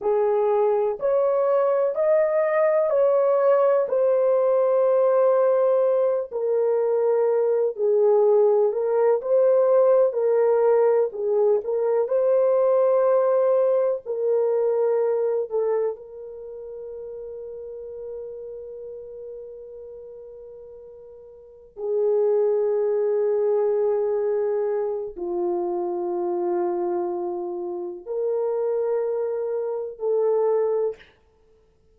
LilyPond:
\new Staff \with { instrumentName = "horn" } { \time 4/4 \tempo 4 = 62 gis'4 cis''4 dis''4 cis''4 | c''2~ c''8 ais'4. | gis'4 ais'8 c''4 ais'4 gis'8 | ais'8 c''2 ais'4. |
a'8 ais'2.~ ais'8~ | ais'2~ ais'8 gis'4.~ | gis'2 f'2~ | f'4 ais'2 a'4 | }